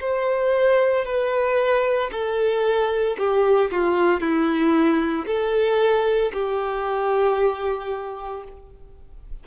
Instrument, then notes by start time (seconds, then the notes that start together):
violin
0.00 C5
1.05 B4
2.11 A4
3.18 G4
3.71 F4
4.20 E4
5.26 A4
6.33 G4